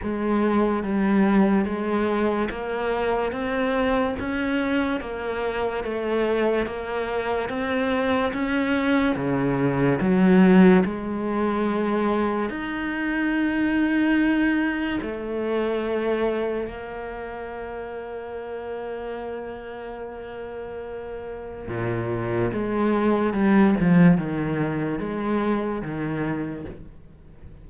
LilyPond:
\new Staff \with { instrumentName = "cello" } { \time 4/4 \tempo 4 = 72 gis4 g4 gis4 ais4 | c'4 cis'4 ais4 a4 | ais4 c'4 cis'4 cis4 | fis4 gis2 dis'4~ |
dis'2 a2 | ais1~ | ais2 ais,4 gis4 | g8 f8 dis4 gis4 dis4 | }